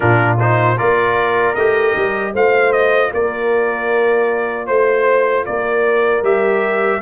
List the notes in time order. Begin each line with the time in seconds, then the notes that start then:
0.00 A#2 D4 F4 A#4
0.39 D#4 C5
0.76 A#3 F4 A#4 D5
1.55 A3 G4 D#5
1.96 G3
2.33 A3 F4 C5 F5
2.72 D#5
3.13 A#3 A#4 D5
4.66 A3 C5
5.45 A#3 A#4 D5
6.21 G3 G4 E5